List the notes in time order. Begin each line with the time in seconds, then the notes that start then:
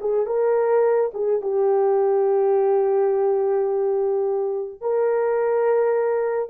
0.00 G#4
0.26 A#4
1.13 G#4
1.41 G4
4.81 A#4